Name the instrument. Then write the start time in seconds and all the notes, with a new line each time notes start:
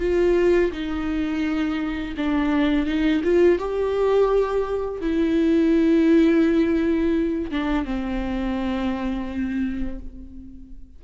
viola
0.00 F4
0.72 D#4
2.17 D4
2.86 D#4
3.24 F4
3.58 G4
5.01 E4
7.51 D4
7.85 C4